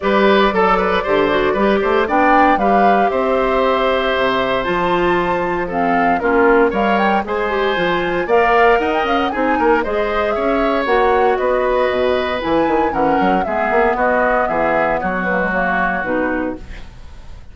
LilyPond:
<<
  \new Staff \with { instrumentName = "flute" } { \time 4/4 \tempo 4 = 116 d''1 | g''4 f''4 e''2~ | e''4 a''2 f''4 | ais'4 f''8 g''8 gis''2 |
f''4 fis''16 g''16 f''16 fis''16 gis''4 dis''4 | e''4 fis''4 dis''2 | gis''4 fis''4 e''4 dis''4 | e''4 cis''8 b'8 cis''4 b'4 | }
  \new Staff \with { instrumentName = "oboe" } { \time 4/4 b'4 a'8 b'8 c''4 b'8 c''8 | d''4 b'4 c''2~ | c''2. a'4 | f'4 cis''4 c''2 |
d''4 dis''4 gis'8 ais'8 c''4 | cis''2 b'2~ | b'4 ais'4 gis'4 fis'4 | gis'4 fis'2. | }
  \new Staff \with { instrumentName = "clarinet" } { \time 4/4 g'4 a'4 g'8 fis'8 g'4 | d'4 g'2.~ | g'4 f'2 c'4 | cis'4 ais'4 gis'8 g'8 f'4 |
ais'2 dis'4 gis'4~ | gis'4 fis'2. | e'4 cis'4 b2~ | b4. ais16 gis16 ais4 dis'4 | }
  \new Staff \with { instrumentName = "bassoon" } { \time 4/4 g4 fis4 d4 g8 a8 | b4 g4 c'2 | c4 f2. | ais4 g4 gis4 f4 |
ais4 dis'8 cis'8 c'8 ais8 gis4 | cis'4 ais4 b4 b,4 | e8 dis8 e8 fis8 gis8 ais8 b4 | e4 fis2 b,4 | }
>>